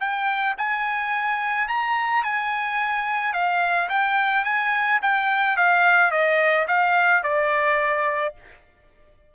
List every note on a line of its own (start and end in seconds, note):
0.00 0.56 G5
0.58 1.68 G#5
1.68 2.24 A#5
2.24 3.34 G#5
3.34 3.89 F5
3.90 4.44 G5
4.44 5.00 G#5
5.02 5.57 G5
5.57 6.11 F5
6.11 6.67 D#5
6.68 7.23 F5
7.23 8.35 D5